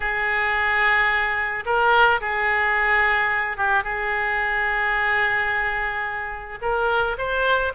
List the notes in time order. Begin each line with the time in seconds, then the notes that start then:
0.00 G#4
1.65 A#4
2.20 G#4
3.57 G4
3.83 G#4
6.61 A#4
7.18 C5